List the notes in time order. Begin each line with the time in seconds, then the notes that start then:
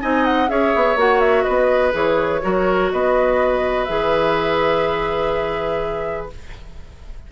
0.00 C4 D#4 D#5 G#5
0.25 F#5
0.47 C#4 G#4 C#5 E5
0.75 B3
0.95 A#3 F#4 F#5
1.19 E5
1.43 B3 B4 D#5
1.91 E3 G#4 C#5
2.42 F#3 F#4 A#4
2.91 B3 B4 D#5
3.84 E3 G#4 E5